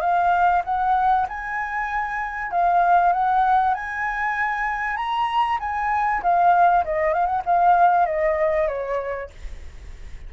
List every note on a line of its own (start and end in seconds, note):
0.00 0.62 F5
0.64 1.26 F#5
1.28 2.51 G#5
2.51 3.12 F5
3.12 3.74 F#5
3.74 4.96 G#5
4.96 5.58 A#5
5.60 6.21 G#5
6.22 6.84 F5
6.84 7.13 D#5
7.13 7.26 F5
7.26 7.41 F#5
7.45 8.06 F5
8.06 8.67 D#5
8.67 9.29 C#5